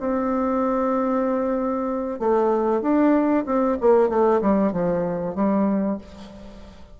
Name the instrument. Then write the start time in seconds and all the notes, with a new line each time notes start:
bassoon
0.00 C4
2.19 A3
2.82 D4
3.46 C4
3.81 A#3
4.09 A3
4.42 G3
4.72 F3
5.35 G3